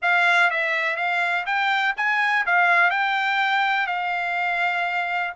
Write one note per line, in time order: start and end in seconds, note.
0.02 0.50 F5
0.50 0.96 E5
0.96 1.45 F5
1.45 1.94 G5
1.96 2.45 G#5
2.46 2.90 F5
2.90 3.86 G5
3.86 5.33 F5